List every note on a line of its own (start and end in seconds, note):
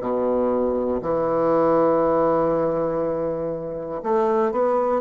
0.00 1.00 B2
1.01 4.01 E3
4.03 4.51 A3
4.51 5.01 B3